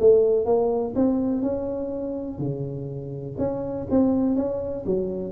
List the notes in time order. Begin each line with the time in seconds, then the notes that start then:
0.00 A3
0.46 A#3
0.96 C4
1.42 C#4
2.39 C#3
3.39 C#4
3.91 C4
4.36 C#4
4.86 F#3